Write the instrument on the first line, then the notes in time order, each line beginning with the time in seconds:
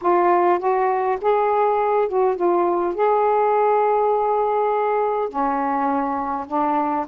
saxophone
0.01 F4
0.59 F#4
1.21 G#4
2.08 F#4
2.36 F4
2.94 G#4
5.28 C#4
6.47 D4